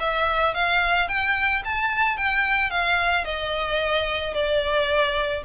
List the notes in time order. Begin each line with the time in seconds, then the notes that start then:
0.00 E5
0.54 F5
1.08 G5
1.65 A5
2.17 G5
2.70 F5
3.25 D#5
4.34 D5